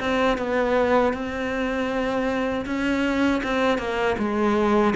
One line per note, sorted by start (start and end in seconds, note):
0.00 0.38 C4
0.38 1.14 B3
1.14 2.65 C4
2.66 3.42 C#4
3.43 3.78 C4
3.78 4.16 A#3
4.18 4.94 G#3